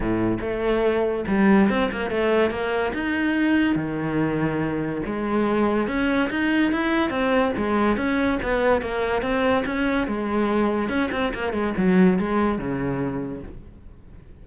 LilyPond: \new Staff \with { instrumentName = "cello" } { \time 4/4 \tempo 4 = 143 a,4 a2 g4 | c'8 ais8 a4 ais4 dis'4~ | dis'4 dis2. | gis2 cis'4 dis'4 |
e'4 c'4 gis4 cis'4 | b4 ais4 c'4 cis'4 | gis2 cis'8 c'8 ais8 gis8 | fis4 gis4 cis2 | }